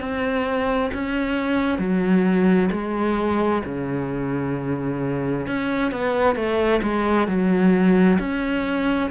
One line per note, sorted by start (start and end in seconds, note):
0.00 0.91 C4
0.93 1.79 C#4
1.79 2.69 F#3
2.71 3.62 G#3
3.65 5.47 C#3
5.47 5.92 C#4
5.92 6.35 B3
6.35 6.81 A3
6.82 7.28 G#3
7.28 8.19 F#3
8.19 9.10 C#4